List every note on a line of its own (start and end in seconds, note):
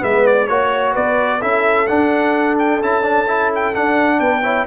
0.00 0.50 G#3
0.00 0.47 B3
0.00 0.50 B4
0.00 0.27 E5
0.27 0.48 D5
0.48 0.96 A#3
0.48 1.41 F#4
0.48 0.94 C#5
0.94 1.43 B3
0.94 1.40 B4
0.94 1.42 D5
1.40 1.89 C#4
1.40 1.88 E4
1.40 4.19 A4
1.40 1.88 E5
1.88 2.82 D4
1.88 2.81 D4
1.88 2.57 F#5
2.59 2.83 G5
2.81 3.74 C#4
2.81 3.03 E4
2.81 3.53 A5
3.03 3.26 D4
3.28 3.74 E4
3.55 3.76 G5
3.74 4.43 D4
3.74 4.20 D4
3.74 4.20 F#5
4.20 4.67 B3
4.20 4.43 B4
4.20 4.67 G5
4.43 4.67 E4
4.43 4.66 C#5